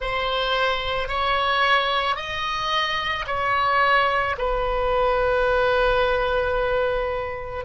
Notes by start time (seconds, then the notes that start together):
0.00 C5
1.08 C#5
2.16 D#5
3.27 C#5
4.38 B4